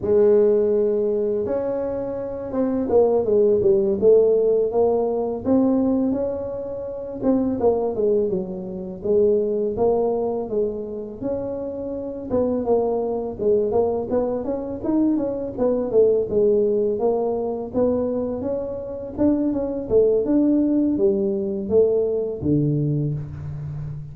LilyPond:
\new Staff \with { instrumentName = "tuba" } { \time 4/4 \tempo 4 = 83 gis2 cis'4. c'8 | ais8 gis8 g8 a4 ais4 c'8~ | c'8 cis'4. c'8 ais8 gis8 fis8~ | fis8 gis4 ais4 gis4 cis'8~ |
cis'4 b8 ais4 gis8 ais8 b8 | cis'8 dis'8 cis'8 b8 a8 gis4 ais8~ | ais8 b4 cis'4 d'8 cis'8 a8 | d'4 g4 a4 d4 | }